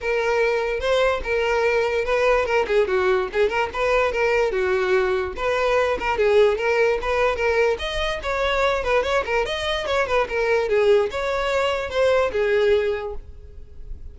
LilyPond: \new Staff \with { instrumentName = "violin" } { \time 4/4 \tempo 4 = 146 ais'2 c''4 ais'4~ | ais'4 b'4 ais'8 gis'8 fis'4 | gis'8 ais'8 b'4 ais'4 fis'4~ | fis'4 b'4. ais'8 gis'4 |
ais'4 b'4 ais'4 dis''4 | cis''4. b'8 cis''8 ais'8 dis''4 | cis''8 b'8 ais'4 gis'4 cis''4~ | cis''4 c''4 gis'2 | }